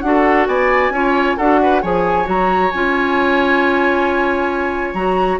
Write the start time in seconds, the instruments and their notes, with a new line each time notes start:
0.00 bassoon D4, clarinet F#4, flute F#5
0.07 oboe A4
0.47 bassoon B3, oboe D5, flute G#5
0.90 bassoon C#4, clarinet F4, oboe C#5
1.37 bassoon D4, clarinet F#4, oboe A4, flute F#5
1.62 oboe B4
1.82 bassoon F3, clarinet G#4, oboe C#5, flute G#5
2.24 bassoon F#3, clarinet F#4, flute A#5
2.71 bassoon C#4, clarinet F4, flute G#5
4.93 bassoon F#3, clarinet F#4, flute A#5